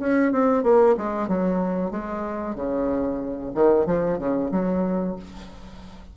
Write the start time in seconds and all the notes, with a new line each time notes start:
0.00 C#4
0.32 C4
0.64 A#3
0.98 G#3
1.28 F#3
1.91 G#3
2.55 C#3
3.55 D#3
3.87 F3
4.19 C#3
4.52 F#3